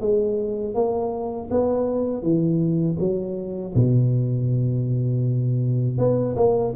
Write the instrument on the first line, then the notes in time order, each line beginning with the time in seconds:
tuba
0.00 G#3
0.74 A#3
1.50 B3
2.22 E3
2.99 F#3
3.74 B2
5.98 B3
6.36 A#3